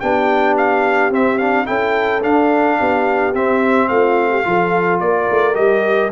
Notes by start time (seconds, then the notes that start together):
0.00 B3 D4 G4 G5
0.58 F5
1.11 C4 E5
1.39 D4 F5
1.66 C#4 E4 A4 G5
2.23 D4 F5
2.79 B3 G4
3.34 C4 E5
3.89 A3 F4 F5
4.31 G4
4.44 F3 F4 A4
5.01 A#3 A#4 D5
5.31 A3
5.54 G3 G4 D#5